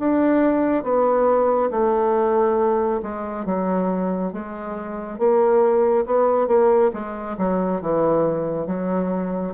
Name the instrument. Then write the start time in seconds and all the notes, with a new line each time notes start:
bassoon
0.00 D4
0.83 B3
1.71 A3
3.03 G#3
3.46 F#3
4.33 G#3
5.19 A#3
6.06 B3
6.48 A#3
6.94 G#3
7.38 F#3
7.82 E3
8.67 F#3